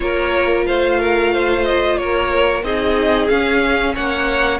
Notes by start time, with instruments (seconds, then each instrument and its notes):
0.00 cello A#3, viola F4, violin A#4 C#5
0.66 cello A3, violin C5 F5
0.99 violin A#4
1.32 violin C5
1.64 violin D#5
1.97 cello A#3, violin A#4 C#5
2.62 cello C4, viola D#4, violin G#4 D#5
3.28 viola C#4, cello C#4, violin F5
3.94 cello A#3, violin C#5 F#5